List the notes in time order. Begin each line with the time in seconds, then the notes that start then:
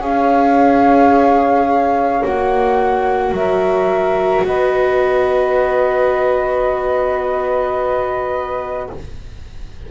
0.00 C#4 G#4 C#5 F5
2.23 A#3 F#4 F#5
3.32 F#3 A#4 E5
4.44 B3 B4 D#5